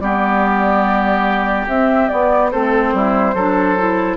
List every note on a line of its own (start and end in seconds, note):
0.00 1.67 G3
0.00 1.68 B3
0.00 2.52 G4
0.00 1.67 D5
1.67 2.09 C4
1.67 2.09 E5
2.09 2.51 B3
2.09 2.53 B3
2.09 2.50 D5
2.51 2.93 A3
2.51 3.35 C4
2.51 2.93 A4
2.51 4.17 C5
2.93 3.34 G3
2.93 3.35 E4
3.34 4.17 F#3
3.34 3.78 D4
3.34 4.17 A4
3.78 4.17 E4